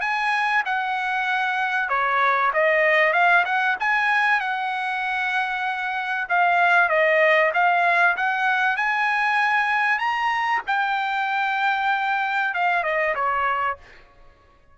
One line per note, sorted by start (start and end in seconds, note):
0.00 0.62 G#5
0.65 1.89 F#5
1.89 2.51 C#5
2.53 3.13 D#5
3.13 3.44 F5
3.44 3.76 F#5
3.79 4.40 G#5
4.40 6.27 F#5
6.28 6.89 F5
6.89 7.51 D#5
7.53 8.16 F5
8.16 8.76 F#5
8.76 9.98 G#5
9.98 10.61 A#5
10.66 12.54 G5
12.54 12.83 F5
12.83 13.14 D#5
13.14 13.77 C#5